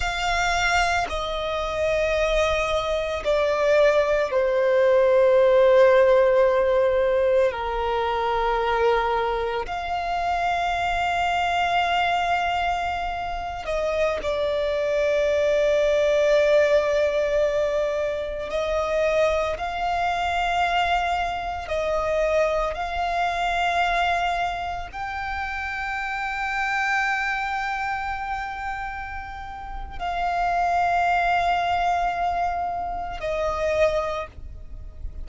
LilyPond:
\new Staff \with { instrumentName = "violin" } { \time 4/4 \tempo 4 = 56 f''4 dis''2 d''4 | c''2. ais'4~ | ais'4 f''2.~ | f''8. dis''8 d''2~ d''8.~ |
d''4~ d''16 dis''4 f''4.~ f''16~ | f''16 dis''4 f''2 g''8.~ | g''1 | f''2. dis''4 | }